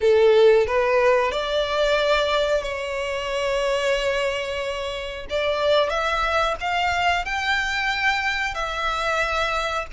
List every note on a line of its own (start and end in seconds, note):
0.01 0.66 A4
0.66 1.31 B4
1.31 2.62 D5
2.62 5.26 C#5
5.29 5.89 D5
5.89 6.55 E5
6.60 7.25 F5
7.25 8.54 G5
8.54 9.86 E5